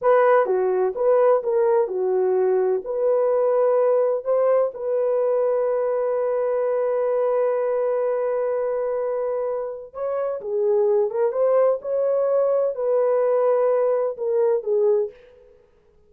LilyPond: \new Staff \with { instrumentName = "horn" } { \time 4/4 \tempo 4 = 127 b'4 fis'4 b'4 ais'4 | fis'2 b'2~ | b'4 c''4 b'2~ | b'1~ |
b'1~ | b'4 cis''4 gis'4. ais'8 | c''4 cis''2 b'4~ | b'2 ais'4 gis'4 | }